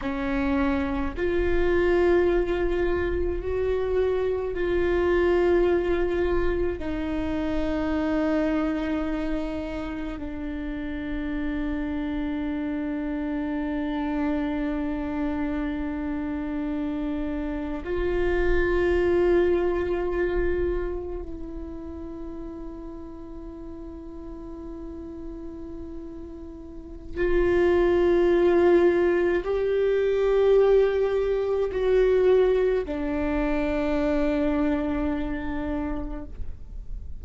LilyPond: \new Staff \with { instrumentName = "viola" } { \time 4/4 \tempo 4 = 53 cis'4 f'2 fis'4 | f'2 dis'2~ | dis'4 d'2.~ | d'2.~ d'8. f'16~ |
f'2~ f'8. e'4~ e'16~ | e'1 | f'2 g'2 | fis'4 d'2. | }